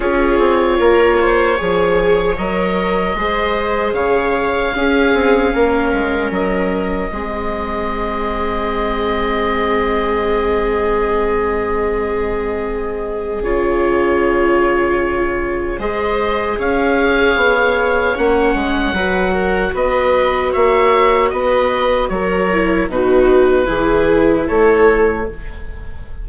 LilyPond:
<<
  \new Staff \with { instrumentName = "oboe" } { \time 4/4 \tempo 4 = 76 cis''2. dis''4~ | dis''4 f''2. | dis''1~ | dis''1~ |
dis''4 cis''2. | dis''4 f''2 fis''4~ | fis''4 dis''4 e''4 dis''4 | cis''4 b'2 cis''4 | }
  \new Staff \with { instrumentName = "viola" } { \time 4/4 gis'4 ais'8 c''8 cis''2 | c''4 cis''4 gis'4 ais'4~ | ais'4 gis'2.~ | gis'1~ |
gis'1 | c''4 cis''2. | b'8 ais'8 b'4 cis''4 b'4 | ais'4 fis'4 gis'4 a'4 | }
  \new Staff \with { instrumentName = "viola" } { \time 4/4 f'2 gis'4 ais'4 | gis'2 cis'2~ | cis'4 c'2.~ | c'1~ |
c'4 f'2. | gis'2. cis'4 | fis'1~ | fis'8 e'8 dis'4 e'2 | }
  \new Staff \with { instrumentName = "bassoon" } { \time 4/4 cis'8 c'8 ais4 f4 fis4 | gis4 cis4 cis'8 c'8 ais8 gis8 | fis4 gis2.~ | gis1~ |
gis4 cis2. | gis4 cis'4 b4 ais8 gis8 | fis4 b4 ais4 b4 | fis4 b,4 e4 a4 | }
>>